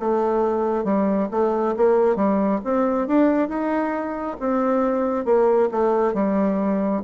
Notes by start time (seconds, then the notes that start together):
0.00 A3
0.85 G3
1.31 A3
1.77 A#3
2.16 G3
2.65 C4
3.08 D4
3.49 D#4
4.40 C4
5.25 A#3
5.72 A3
6.14 G3